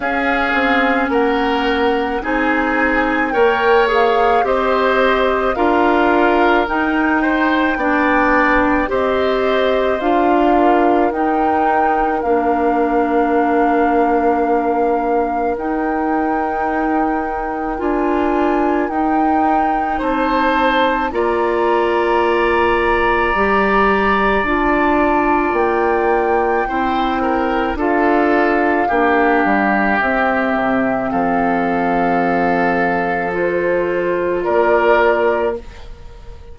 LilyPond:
<<
  \new Staff \with { instrumentName = "flute" } { \time 4/4 \tempo 4 = 54 f''4 fis''4 gis''4 g''8 f''8 | dis''4 f''4 g''2 | dis''4 f''4 g''4 f''4~ | f''2 g''2 |
gis''4 g''4 a''4 ais''4~ | ais''2 a''4 g''4~ | g''4 f''2 e''4 | f''2 c''4 d''4 | }
  \new Staff \with { instrumentName = "oboe" } { \time 4/4 gis'4 ais'4 gis'4 cis''4 | c''4 ais'4. c''8 d''4 | c''4. ais'2~ ais'8~ | ais'1~ |
ais'2 c''4 d''4~ | d''1 | c''8 ais'8 a'4 g'2 | a'2. ais'4 | }
  \new Staff \with { instrumentName = "clarinet" } { \time 4/4 cis'2 dis'4 ais'8 gis'8 | g'4 f'4 dis'4 d'4 | g'4 f'4 dis'4 d'4~ | d'2 dis'2 |
f'4 dis'2 f'4~ | f'4 g'4 f'2 | e'4 f'4 d'4 c'4~ | c'2 f'2 | }
  \new Staff \with { instrumentName = "bassoon" } { \time 4/4 cis'8 c'8 ais4 c'4 ais4 | c'4 d'4 dis'4 b4 | c'4 d'4 dis'4 ais4~ | ais2 dis'2 |
d'4 dis'4 c'4 ais4~ | ais4 g4 d'4 ais4 | c'4 d'4 ais8 g8 c'8 c8 | f2. ais4 | }
>>